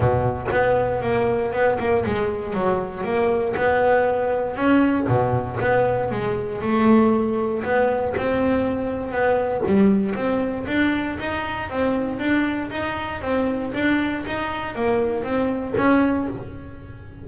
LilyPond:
\new Staff \with { instrumentName = "double bass" } { \time 4/4 \tempo 4 = 118 b,4 b4 ais4 b8 ais8 | gis4 fis4 ais4 b4~ | b4 cis'4 b,4 b4 | gis4 a2 b4 |
c'2 b4 g4 | c'4 d'4 dis'4 c'4 | d'4 dis'4 c'4 d'4 | dis'4 ais4 c'4 cis'4 | }